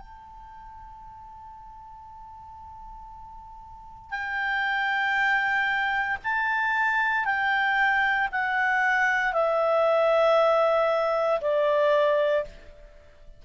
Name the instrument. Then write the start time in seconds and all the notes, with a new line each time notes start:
clarinet
0.00 A5
4.11 G5
6.24 A5
7.25 G5
8.32 F#5
9.33 E5
11.41 D5